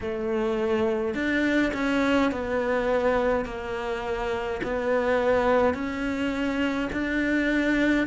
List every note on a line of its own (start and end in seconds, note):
0.00 1.14 A3
1.14 1.72 D4
1.73 2.31 C#4
2.31 3.45 B3
3.45 4.60 A#3
4.63 5.74 B3
5.74 6.89 C#4
6.92 8.06 D4